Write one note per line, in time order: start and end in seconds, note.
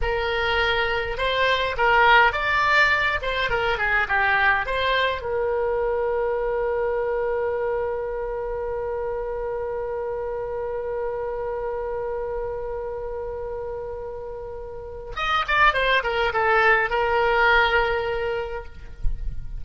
0.01 1.17 A#4
1.17 1.76 C5
1.77 2.32 A#4
2.32 3.19 D5
3.22 3.50 C5
3.50 3.78 A#4
3.78 4.07 G#4
4.08 4.66 G4
4.66 5.21 C5
5.21 15.12 A#4
15.16 15.45 D#5
15.47 15.73 D5
15.73 16.02 C5
16.03 16.32 A#4
16.33 16.90 A4
16.90 18.64 A#4